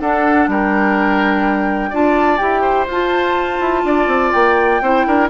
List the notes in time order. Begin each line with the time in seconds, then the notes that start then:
0.00 D4 A4 F#5
0.48 G3 A#4 G5
1.90 D4 F4 D5 A5
2.37 E4 G4 G5
2.61 C5
2.87 F4 A5
3.60 E4
3.84 D4 D5
4.07 C4
4.32 A#3 G5
4.81 C4 E4 C5
5.07 D4 A#4